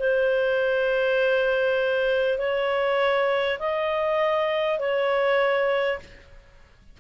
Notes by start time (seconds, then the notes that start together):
0.00 C5
2.39 C#5
3.59 D#5
4.79 C#5